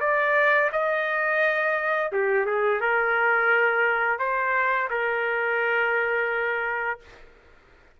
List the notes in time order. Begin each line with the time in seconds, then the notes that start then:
0.00 D5
0.72 D#5
2.12 G4
2.45 G#4
2.80 A#4
4.19 C5
4.90 A#4